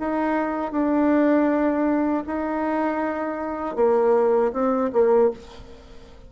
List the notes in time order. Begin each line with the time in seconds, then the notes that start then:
0.00 D#4
0.72 D4
2.27 D#4
3.76 A#3
4.53 C4
4.93 A#3